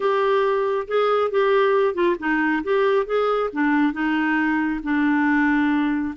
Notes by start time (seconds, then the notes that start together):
0.00 G4
0.87 G#4
1.30 G4
1.94 F4
2.19 D#4
2.63 G4
3.06 G#4
3.52 D4
3.93 D#4
4.83 D4